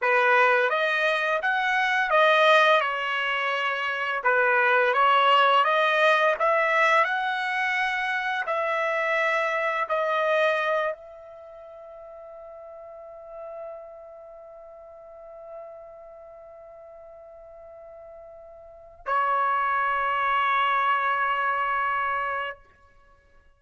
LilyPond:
\new Staff \with { instrumentName = "trumpet" } { \time 4/4 \tempo 4 = 85 b'4 dis''4 fis''4 dis''4 | cis''2 b'4 cis''4 | dis''4 e''4 fis''2 | e''2 dis''4. e''8~ |
e''1~ | e''1~ | e''2. cis''4~ | cis''1 | }